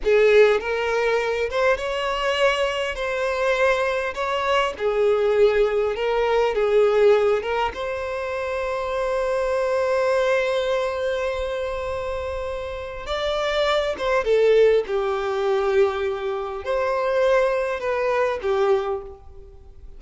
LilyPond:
\new Staff \with { instrumentName = "violin" } { \time 4/4 \tempo 4 = 101 gis'4 ais'4. c''8 cis''4~ | cis''4 c''2 cis''4 | gis'2 ais'4 gis'4~ | gis'8 ais'8 c''2.~ |
c''1~ | c''2 d''4. c''8 | a'4 g'2. | c''2 b'4 g'4 | }